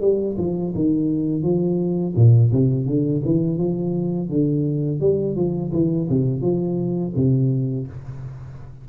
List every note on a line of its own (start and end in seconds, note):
0.00 0.36 G3
0.37 0.73 F3
0.75 1.42 D#3
1.42 2.14 F3
2.15 2.51 A#2
2.51 2.85 C3
2.85 3.21 D3
3.24 3.57 E3
3.57 4.29 F3
4.29 5.00 D3
5.00 5.35 G3
5.35 5.71 F3
5.72 6.08 E3
6.09 6.41 C3
6.41 7.13 F3
7.15 7.87 C3